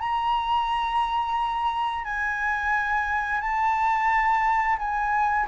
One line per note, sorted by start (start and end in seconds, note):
0.00 2.04 A#5
2.04 3.41 G#5
3.41 4.77 A5
4.78 5.46 G#5